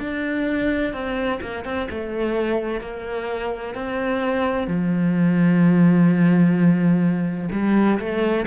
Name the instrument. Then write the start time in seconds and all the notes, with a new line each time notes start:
cello
0.00 D4
0.93 C4
1.41 A#3
1.65 C4
1.90 A3
2.81 A#3
3.75 C4
4.67 F3
7.52 G3
7.99 A3